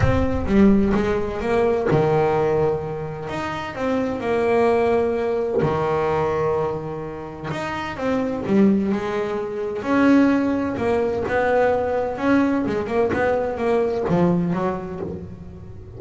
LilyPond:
\new Staff \with { instrumentName = "double bass" } { \time 4/4 \tempo 4 = 128 c'4 g4 gis4 ais4 | dis2. dis'4 | c'4 ais2. | dis1 |
dis'4 c'4 g4 gis4~ | gis4 cis'2 ais4 | b2 cis'4 gis8 ais8 | b4 ais4 f4 fis4 | }